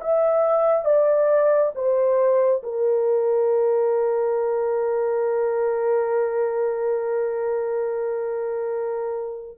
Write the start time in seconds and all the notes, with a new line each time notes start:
0.00 E5
0.85 D5
1.75 C5
2.63 A#4